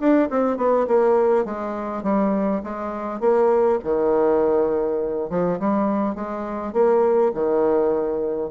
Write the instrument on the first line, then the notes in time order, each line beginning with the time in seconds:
bassoon
0.00 D4
0.30 C4
0.57 B3
0.88 A#3
1.45 G#3
2.03 G3
2.64 G#3
3.21 A#3
3.84 D#3
5.30 F3
5.60 G3
6.15 G#3
6.74 A#3
7.35 D#3